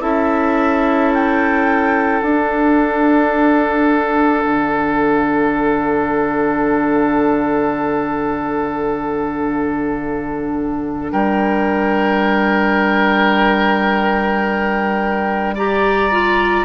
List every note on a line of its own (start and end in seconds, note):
0.00 2.22 C#4
0.00 2.22 E4
0.00 11.12 A4
0.00 1.12 E5
1.13 2.22 G5
2.22 4.44 D4
2.22 15.57 D4
2.22 11.11 F#5
4.45 11.11 D3
11.11 16.65 G3
11.11 15.54 A#4
11.11 15.56 G5
15.54 16.11 G4
15.54 16.65 D5
15.54 16.65 A#5
16.11 16.65 F4